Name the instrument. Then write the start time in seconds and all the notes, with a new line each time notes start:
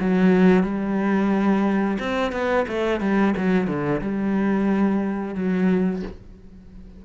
cello
0.00 F#3
0.63 G3
1.99 C4
2.32 B3
2.68 A3
3.00 G3
3.37 F#3
3.67 D3
4.01 G3
5.35 F#3